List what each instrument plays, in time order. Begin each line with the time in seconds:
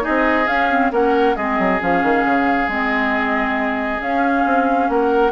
0.00 clarinet D#4, oboe G#4, flute D#5
0.08 bassoon C4
0.47 bassoon C#4, clarinet C#4, flute F5
0.70 clarinet C4
0.91 bassoon A#3, clarinet C#4, oboe A#4, flute F#5
1.36 bassoon G#3, clarinet C4, oboe G#4, flute D#5
1.58 bassoon F#3
1.80 bassoon F3, clarinet C#4, flute F5
2.03 bassoon D#3
2.25 bassoon C#3
2.68 bassoon G#3, clarinet C4, flute D#5
3.99 clarinet C#4, bassoon C#4, flute F5
4.45 bassoon C4
4.89 bassoon A#3, oboe A#4, flute F#5